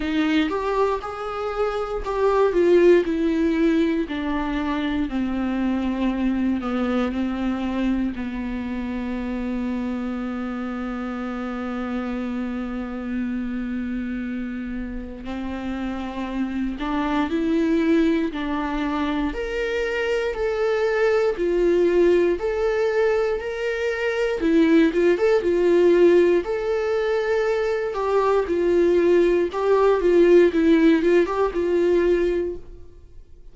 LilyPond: \new Staff \with { instrumentName = "viola" } { \time 4/4 \tempo 4 = 59 dis'8 g'8 gis'4 g'8 f'8 e'4 | d'4 c'4. b8 c'4 | b1~ | b2. c'4~ |
c'8 d'8 e'4 d'4 ais'4 | a'4 f'4 a'4 ais'4 | e'8 f'16 a'16 f'4 a'4. g'8 | f'4 g'8 f'8 e'8 f'16 g'16 f'4 | }